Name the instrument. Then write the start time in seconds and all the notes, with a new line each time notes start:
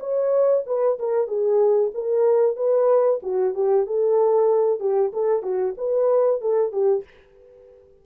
horn
0.00 C#5
0.66 B4
0.99 A#4
1.27 G#4
1.94 A#4
2.56 B4
3.23 F#4
3.55 G4
3.86 A4
4.80 G4
5.13 A4
5.43 F#4
5.78 B4
6.41 A4
6.72 G4